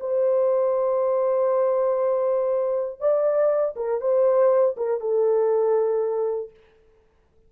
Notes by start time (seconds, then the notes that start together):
0.00 C5
3.00 D5
3.76 A#4
4.00 C5
4.77 A#4
5.00 A4